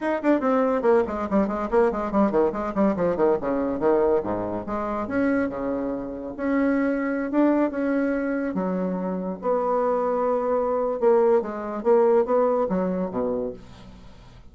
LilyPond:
\new Staff \with { instrumentName = "bassoon" } { \time 4/4 \tempo 4 = 142 dis'8 d'8 c'4 ais8 gis8 g8 gis8 | ais8 gis8 g8 dis8 gis8 g8 f8 dis8 | cis4 dis4 gis,4 gis4 | cis'4 cis2 cis'4~ |
cis'4~ cis'16 d'4 cis'4.~ cis'16~ | cis'16 fis2 b4.~ b16~ | b2 ais4 gis4 | ais4 b4 fis4 b,4 | }